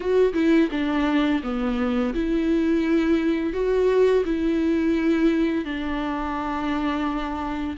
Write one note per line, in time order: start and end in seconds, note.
0.00 0.33 F#4
0.33 0.69 E4
0.71 1.41 D4
1.43 2.13 B3
2.14 3.53 E4
3.53 4.24 F#4
4.25 5.64 E4
5.64 7.76 D4